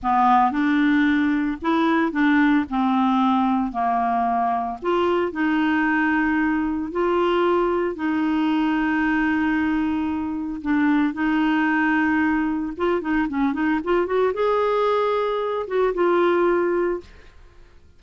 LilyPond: \new Staff \with { instrumentName = "clarinet" } { \time 4/4 \tempo 4 = 113 b4 d'2 e'4 | d'4 c'2 ais4~ | ais4 f'4 dis'2~ | dis'4 f'2 dis'4~ |
dis'1 | d'4 dis'2. | f'8 dis'8 cis'8 dis'8 f'8 fis'8 gis'4~ | gis'4. fis'8 f'2 | }